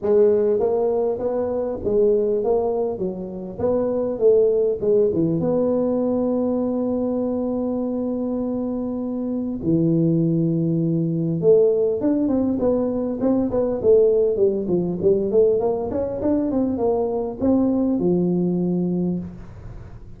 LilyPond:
\new Staff \with { instrumentName = "tuba" } { \time 4/4 \tempo 4 = 100 gis4 ais4 b4 gis4 | ais4 fis4 b4 a4 | gis8 e8 b2.~ | b1 |
e2. a4 | d'8 c'8 b4 c'8 b8 a4 | g8 f8 g8 a8 ais8 cis'8 d'8 c'8 | ais4 c'4 f2 | }